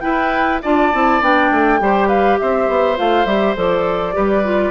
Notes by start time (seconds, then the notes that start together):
0.00 E4 B4 G5
0.62 D4 F4 D5 A5
0.93 C4 E4
1.21 B3 D4 G5
1.51 A3
1.80 G3 G4 C5
2.08 B4 F5
2.38 C4 C5 E5
2.68 B3
2.96 A3 F4 F5
3.25 G3 G4 E5
3.56 F3 A4 D5
4.13 G3 G4 B4
4.44 F4